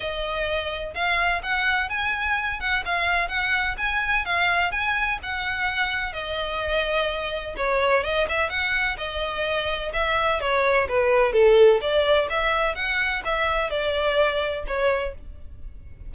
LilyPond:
\new Staff \with { instrumentName = "violin" } { \time 4/4 \tempo 4 = 127 dis''2 f''4 fis''4 | gis''4. fis''8 f''4 fis''4 | gis''4 f''4 gis''4 fis''4~ | fis''4 dis''2. |
cis''4 dis''8 e''8 fis''4 dis''4~ | dis''4 e''4 cis''4 b'4 | a'4 d''4 e''4 fis''4 | e''4 d''2 cis''4 | }